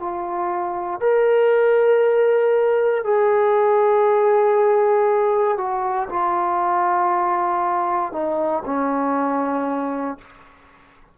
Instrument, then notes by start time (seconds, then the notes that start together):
trombone
0.00 F4
1.01 A#4
3.05 G#4
5.58 F#4
6.10 F4
8.13 D#4
8.66 C#4